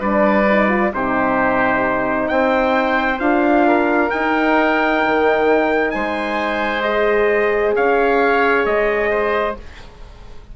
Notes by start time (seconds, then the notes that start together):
0.00 G3 D4 B4 D5
0.51 D#4
0.69 F4
0.94 C3 D#4 G4 C5
2.29 C4 C5 G5
3.20 D4 F4 F5
3.67 A#4
4.11 D#4 G5
5.06 D#3
5.91 G#3 C5 G#5
6.83 G#4 D#5
7.76 C#4 C#5 F5
8.66 G#3 D#5
9.10 C5